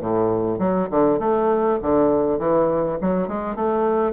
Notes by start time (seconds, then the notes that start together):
0.00 A2
0.59 F#3
0.90 D3
1.19 A3
1.82 D3
2.39 E3
3.01 F#3
3.28 G#3
3.56 A3